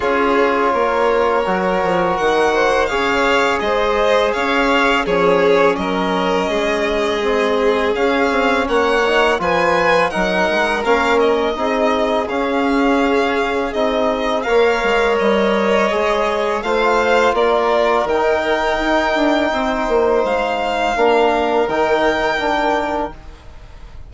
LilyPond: <<
  \new Staff \with { instrumentName = "violin" } { \time 4/4 \tempo 4 = 83 cis''2. fis''4 | f''4 dis''4 f''4 cis''4 | dis''2. f''4 | fis''4 gis''4 fis''4 f''8 dis''8~ |
dis''4 f''2 dis''4 | f''4 dis''2 f''4 | d''4 g''2. | f''2 g''2 | }
  \new Staff \with { instrumentName = "violin" } { \time 4/4 gis'4 ais'2~ ais'8 c''8 | cis''4 c''4 cis''4 gis'4 | ais'4 gis'2. | cis''4 b'4 ais'2 |
gis'1 | cis''2. c''4 | ais'2. c''4~ | c''4 ais'2. | }
  \new Staff \with { instrumentName = "trombone" } { \time 4/4 f'2 fis'2 | gis'2. cis'4~ | cis'2 c'4 cis'4~ | cis'8 dis'8 f'4 dis'4 cis'4 |
dis'4 cis'2 dis'4 | ais'2 gis'4 f'4~ | f'4 dis'2.~ | dis'4 d'4 dis'4 d'4 | }
  \new Staff \with { instrumentName = "bassoon" } { \time 4/4 cis'4 ais4 fis8 f8 dis4 | cis4 gis4 cis'4 f4 | fis4 gis2 cis'8 c'8 | ais4 f4 fis8 gis8 ais4 |
c'4 cis'2 c'4 | ais8 gis8 g4 gis4 a4 | ais4 dis4 dis'8 d'8 c'8 ais8 | gis4 ais4 dis2 | }
>>